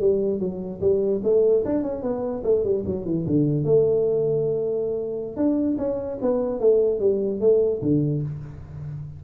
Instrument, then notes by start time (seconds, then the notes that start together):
tuba
0.00 G3
0.40 F#3
0.81 G3
1.24 A3
1.65 D4
1.83 C#4
2.03 B3
2.44 A3
2.64 G3
2.86 F#3
3.06 E3
3.27 D3
3.65 A3
5.36 D4
5.78 C#4
6.22 B3
6.60 A3
7.00 G3
7.41 A3
7.82 D3